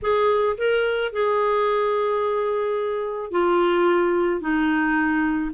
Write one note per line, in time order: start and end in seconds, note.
0.02 0.57 G#4
0.57 1.12 A#4
1.12 3.31 G#4
3.31 4.41 F4
4.41 5.51 D#4